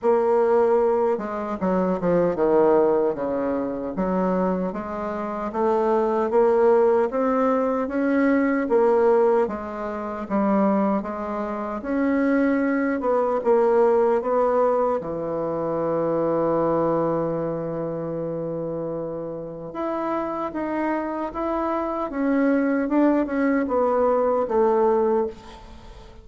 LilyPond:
\new Staff \with { instrumentName = "bassoon" } { \time 4/4 \tempo 4 = 76 ais4. gis8 fis8 f8 dis4 | cis4 fis4 gis4 a4 | ais4 c'4 cis'4 ais4 | gis4 g4 gis4 cis'4~ |
cis'8 b8 ais4 b4 e4~ | e1~ | e4 e'4 dis'4 e'4 | cis'4 d'8 cis'8 b4 a4 | }